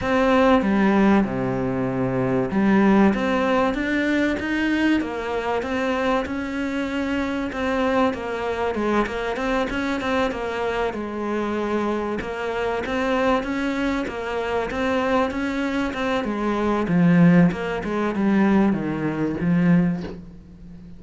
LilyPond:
\new Staff \with { instrumentName = "cello" } { \time 4/4 \tempo 4 = 96 c'4 g4 c2 | g4 c'4 d'4 dis'4 | ais4 c'4 cis'2 | c'4 ais4 gis8 ais8 c'8 cis'8 |
c'8 ais4 gis2 ais8~ | ais8 c'4 cis'4 ais4 c'8~ | c'8 cis'4 c'8 gis4 f4 | ais8 gis8 g4 dis4 f4 | }